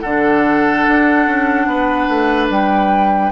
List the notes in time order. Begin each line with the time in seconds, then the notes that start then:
0.00 D3 D4 A4 F#5
0.87 D4
1.26 C#4
1.66 B3 B4
2.08 A3
2.49 G3 G5